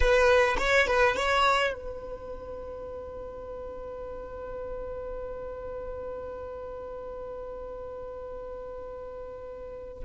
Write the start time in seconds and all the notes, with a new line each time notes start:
0.00 B4
0.57 C#5
0.87 B4
1.16 C#5
1.73 B4